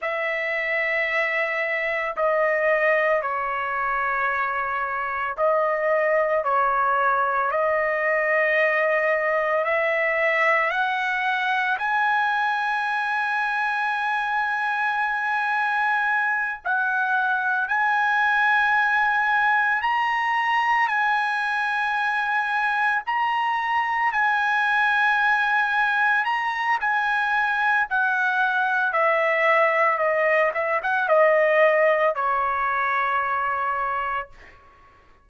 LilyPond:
\new Staff \with { instrumentName = "trumpet" } { \time 4/4 \tempo 4 = 56 e''2 dis''4 cis''4~ | cis''4 dis''4 cis''4 dis''4~ | dis''4 e''4 fis''4 gis''4~ | gis''2.~ gis''8 fis''8~ |
fis''8 gis''2 ais''4 gis''8~ | gis''4. ais''4 gis''4.~ | gis''8 ais''8 gis''4 fis''4 e''4 | dis''8 e''16 fis''16 dis''4 cis''2 | }